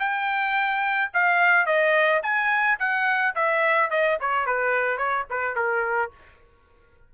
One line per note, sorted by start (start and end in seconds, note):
0.00 1.11 G5
1.14 1.66 F5
1.66 2.22 D#5
2.23 2.79 G#5
2.80 3.35 F#5
3.36 3.91 E5
3.91 4.19 D#5
4.21 4.46 C#5
4.46 4.98 B4
4.98 5.26 C#5
5.30 5.56 B4
5.56 6.11 A#4